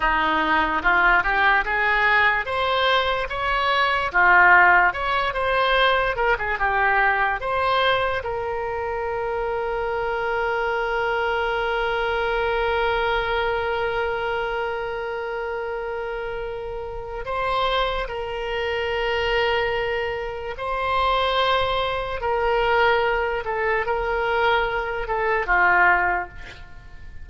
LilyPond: \new Staff \with { instrumentName = "oboe" } { \time 4/4 \tempo 4 = 73 dis'4 f'8 g'8 gis'4 c''4 | cis''4 f'4 cis''8 c''4 ais'16 gis'16 | g'4 c''4 ais'2~ | ais'1~ |
ais'1~ | ais'4 c''4 ais'2~ | ais'4 c''2 ais'4~ | ais'8 a'8 ais'4. a'8 f'4 | }